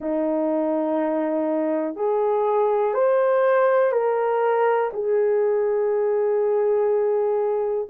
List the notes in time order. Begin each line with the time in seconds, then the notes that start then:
0.00 D#4
1.95 G#4
2.94 C5
3.92 A#4
4.93 G#4